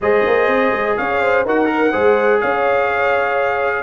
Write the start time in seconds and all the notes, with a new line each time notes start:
0.01 G#3 G#4 C5 D#5
0.26 A#3
0.47 C4
0.72 G#3
0.97 C#4 C#5 F5
1.21 C5
1.45 D#4 F#4 A#4 F#5
1.65 A#4
1.91 G#3 G#4 C5
2.40 C#4 C#5 F5